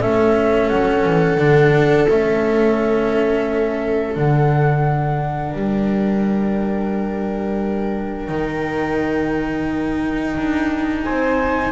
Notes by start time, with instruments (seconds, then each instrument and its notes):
0.00 double bass A3, cello C#4, viola A4, flute E5
0.69 double bass F#3, flute F#5
1.05 double bass E3
1.37 double bass D3, cello D4
2.09 double bass A3, cello C#4, flute E5
4.15 double bass D3, cello D4, flute F#5
5.49 double bass G3, viola A#4, flute G5
8.28 double bass D#3, cello D#4
10.37 double bass D4
11.03 double bass C4, viola C5, flute G#5